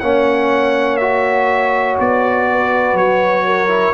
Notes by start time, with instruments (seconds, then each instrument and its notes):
0.00 tuba A#3, trombone C#4, horn C#5, trumpet F#5
0.97 trombone F#4, trumpet E5
1.99 tuba B3, trumpet D5
2.51 horn B4
2.93 tuba F#3, trumpet C#5
3.46 horn A#4
3.68 trombone E4